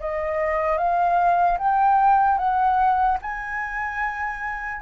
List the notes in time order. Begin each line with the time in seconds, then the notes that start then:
0.00 D#5
0.78 F5
1.58 G5
2.38 F#5
3.22 G#5